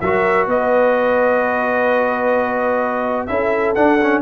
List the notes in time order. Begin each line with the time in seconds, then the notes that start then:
0.00 F#3 F#4 A#4 E5
0.46 B3 B4 D#5
3.26 C#4 E4 A4 E5
3.74 D4 F#5
4.02 C#4